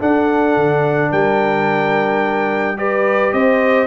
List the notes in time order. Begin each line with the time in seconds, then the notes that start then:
0.00 D4 A4 F#5
0.57 D3
1.11 G3 A#4 G5
2.78 G4 B4 D5
3.33 C4 C5 D#5